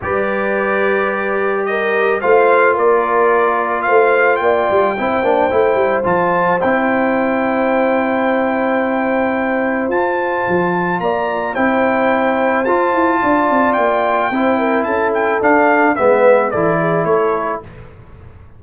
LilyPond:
<<
  \new Staff \with { instrumentName = "trumpet" } { \time 4/4 \tempo 4 = 109 d''2. dis''4 | f''4 d''2 f''4 | g''2. a''4 | g''1~ |
g''2 a''2 | ais''4 g''2 a''4~ | a''4 g''2 a''8 g''8 | f''4 e''4 d''4 cis''4 | }
  \new Staff \with { instrumentName = "horn" } { \time 4/4 b'2. ais'4 | c''4 ais'2 c''4 | d''4 c''2.~ | c''1~ |
c''1 | d''4 c''2. | d''2 c''8 ais'8 a'4~ | a'4 b'4 a'8 gis'8 a'4 | }
  \new Staff \with { instrumentName = "trombone" } { \time 4/4 g'1 | f'1~ | f'4 e'8 d'8 e'4 f'4 | e'1~ |
e'2 f'2~ | f'4 e'2 f'4~ | f'2 e'2 | d'4 b4 e'2 | }
  \new Staff \with { instrumentName = "tuba" } { \time 4/4 g1 | a4 ais2 a4 | ais8 g8 c'8 ais8 a8 g8 f4 | c'1~ |
c'2 f'4 f4 | ais4 c'2 f'8 e'8 | d'8 c'8 ais4 c'4 cis'4 | d'4 gis4 e4 a4 | }
>>